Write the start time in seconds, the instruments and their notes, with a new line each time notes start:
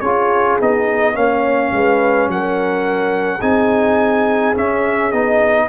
0.00 tuba C#4, trombone F4, horn G#4, trumpet C#5
0.60 tuba B3, trombone D#4, trumpet D#5
1.13 tuba A#3, trombone C#4, horn C#5, trumpet F5
1.72 tuba G#3, horn B4
2.27 tuba F#3, horn A#4, trumpet F#5
3.38 tuba C4, trombone D#4, horn G#4, trumpet G#5
4.54 trombone C#4, tuba C#4, trumpet E5
5.12 tuba B3, trombone D#4, trumpet D#5